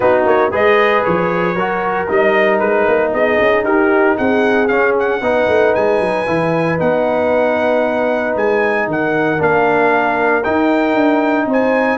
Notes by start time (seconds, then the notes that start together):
0.00 B3 D#4 F#4 B4
0.25 A#3 C#5
0.51 G#3 G#4 B4 D#5
1.04 F3 C#5
1.54 F#3 F#4 A#4
2.08 G3 D#4 D#5
2.59 G#3 B4
2.87 A#3
3.12 B3 G#4 D#5
3.40 C#4
3.63 D#4 G4 A#4
4.17 C4 G#4 F#5
4.67 C#4 F5
4.99 F#5
5.21 B3 D#4 B4
5.47 A3
5.74 G#3 G#5
6.00 F#3
6.26 E3 E4
6.78 B3 D#4 F#5
8.36 G#3 G#5
8.87 D#3 A#4 F#5
9.38 A#3 D4 F5
10.43 D#4 G5
10.94 D4
11.46 C4 C5
11.52 G#5